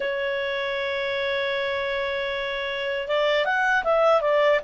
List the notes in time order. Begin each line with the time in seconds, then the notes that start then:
0.00 C#5
3.08 D5
3.45 F#5
3.84 E5
4.21 D5